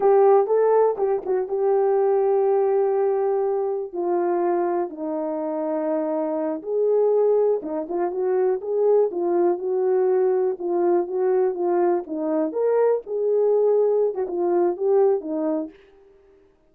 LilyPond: \new Staff \with { instrumentName = "horn" } { \time 4/4 \tempo 4 = 122 g'4 a'4 g'8 fis'8 g'4~ | g'1 | f'2 dis'2~ | dis'4. gis'2 dis'8 |
f'8 fis'4 gis'4 f'4 fis'8~ | fis'4. f'4 fis'4 f'8~ | f'8 dis'4 ais'4 gis'4.~ | gis'8. fis'16 f'4 g'4 dis'4 | }